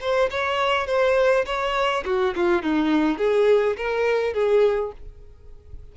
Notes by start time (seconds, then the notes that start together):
0.00 C5
0.30 C#5
0.87 C5
1.45 C#5
2.05 F#4
2.35 F4
2.62 D#4
3.18 G#4
3.77 A#4
4.33 G#4